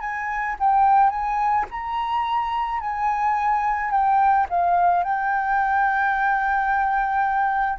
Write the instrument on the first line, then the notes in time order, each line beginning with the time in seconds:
flute
0.00 G#5
0.59 G5
1.10 G#5
1.71 A#5
2.80 G#5
3.91 G5
4.49 F5
5.03 G5